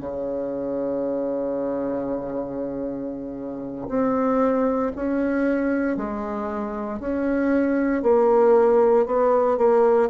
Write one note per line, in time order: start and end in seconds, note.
0.00 3.88 C#3
3.88 4.92 C4
4.96 5.97 C#4
5.97 7.00 G#3
7.00 8.02 C#4
8.02 9.06 A#3
9.06 9.57 B3
9.57 10.09 A#3